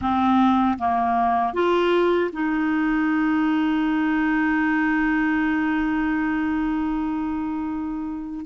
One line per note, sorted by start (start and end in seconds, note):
0.01 0.78 C4
0.78 1.53 A#3
1.53 2.30 F4
2.32 8.45 D#4